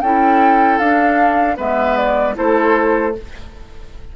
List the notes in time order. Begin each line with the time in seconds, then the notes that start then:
0.00 C#4 E4 A4 G5
0.78 D4 F5
1.56 G#3 B3 B4 E5
1.96 D5
2.34 A3 E4 A4 C5